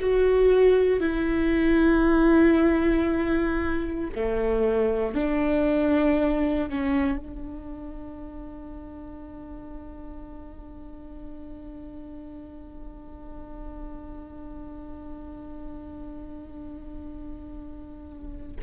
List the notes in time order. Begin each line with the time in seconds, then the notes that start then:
0.00 F#4
1.00 E4
4.16 A3
5.14 D4
6.70 C#4
7.18 D4